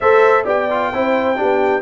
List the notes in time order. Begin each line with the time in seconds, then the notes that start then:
0.00 A3 A4 C5 E5
0.43 B3 G4 D5 G5
0.70 F4
0.93 C4 E4 C5
1.36 D4 G4
1.42 B3